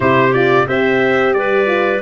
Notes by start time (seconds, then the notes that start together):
0.00 C3 E4 G4 C5
0.33 F4 D5
0.66 C4 G4 C5 E5
1.33 G3 B4 D5
1.66 F4